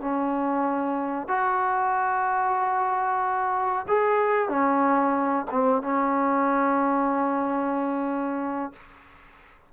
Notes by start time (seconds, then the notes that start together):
0.00 C#4
1.28 F#4
3.88 G#4
4.48 C#4
5.50 C4
5.82 C#4